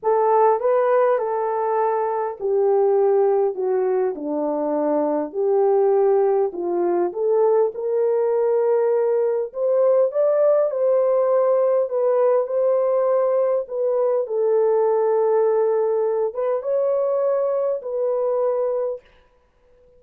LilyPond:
\new Staff \with { instrumentName = "horn" } { \time 4/4 \tempo 4 = 101 a'4 b'4 a'2 | g'2 fis'4 d'4~ | d'4 g'2 f'4 | a'4 ais'2. |
c''4 d''4 c''2 | b'4 c''2 b'4 | a'2.~ a'8 b'8 | cis''2 b'2 | }